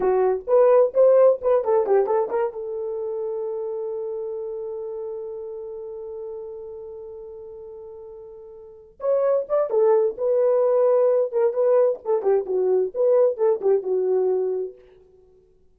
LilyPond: \new Staff \with { instrumentName = "horn" } { \time 4/4 \tempo 4 = 130 fis'4 b'4 c''4 b'8 a'8 | g'8 a'8 ais'8 a'2~ a'8~ | a'1~ | a'1~ |
a'2.~ a'8 cis''8~ | cis''8 d''8 a'4 b'2~ | b'8 ais'8 b'4 a'8 g'8 fis'4 | b'4 a'8 g'8 fis'2 | }